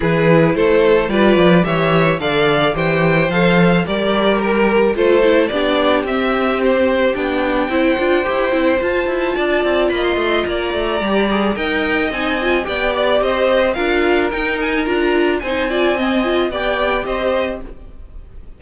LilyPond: <<
  \new Staff \with { instrumentName = "violin" } { \time 4/4 \tempo 4 = 109 b'4 c''4 d''4 e''4 | f''4 g''4 f''4 d''4 | ais'4 c''4 d''4 e''4 | c''4 g''2. |
a''2 b''16 c'''8. ais''4~ | ais''4 g''4 gis''4 g''8 d''8 | dis''4 f''4 g''8 gis''8 ais''4 | gis''2 g''4 dis''4 | }
  \new Staff \with { instrumentName = "violin" } { \time 4/4 gis'4 a'4 b'4 cis''4 | d''4 c''2 ais'4~ | ais'4 a'4 g'2~ | g'2 c''2~ |
c''4 d''4 dis''4 d''4~ | d''4 dis''2 d''4 | c''4 ais'2. | c''8 d''8 dis''4 d''4 c''4 | }
  \new Staff \with { instrumentName = "viola" } { \time 4/4 e'2 f'4 g'4 | a'4 g'4 a'4 g'4~ | g'4 f'8 e'8 d'4 c'4~ | c'4 d'4 e'8 f'8 g'8 e'8 |
f'1 | g'8 gis'8 ais'4 dis'8 f'8 g'4~ | g'4 f'4 dis'4 f'4 | dis'8 f'8 c'8 f'8 g'2 | }
  \new Staff \with { instrumentName = "cello" } { \time 4/4 e4 a4 g8 f8 e4 | d4 e4 f4 g4~ | g4 a4 b4 c'4~ | c'4 b4 c'8 d'8 e'8 c'8 |
f'8 e'8 d'8 c'8 ais8 a8 ais8 a8 | g4 dis'4 c'4 b4 | c'4 d'4 dis'4 d'4 | c'2 b4 c'4 | }
>>